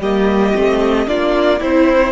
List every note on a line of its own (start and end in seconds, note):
0.00 0.54 G3
0.00 0.55 A#3
0.00 1.07 G4
0.00 1.08 D#5
0.55 1.07 A3
0.55 1.07 C4
1.07 1.61 A#3
1.07 1.60 D4
1.07 1.60 F4
1.07 1.62 D5
1.60 2.12 C4
1.60 2.12 E4
1.60 2.12 C5